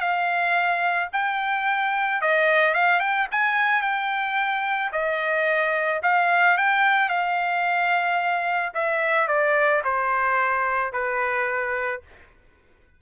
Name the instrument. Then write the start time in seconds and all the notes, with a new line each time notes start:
trumpet
0.00 F5
1.13 G5
2.21 D#5
2.74 F5
3.00 G5
3.31 G#5
3.82 G5
4.92 D#5
6.03 F5
6.57 G5
7.09 F5
8.74 E5
9.28 D5
9.84 C5
10.92 B4